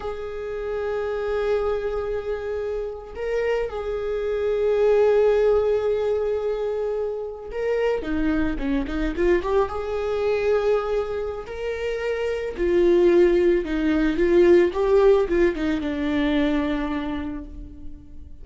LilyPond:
\new Staff \with { instrumentName = "viola" } { \time 4/4 \tempo 4 = 110 gis'1~ | gis'4.~ gis'16 ais'4 gis'4~ gis'16~ | gis'1~ | gis'4.~ gis'16 ais'4 dis'4 cis'16~ |
cis'16 dis'8 f'8 g'8 gis'2~ gis'16~ | gis'4 ais'2 f'4~ | f'4 dis'4 f'4 g'4 | f'8 dis'8 d'2. | }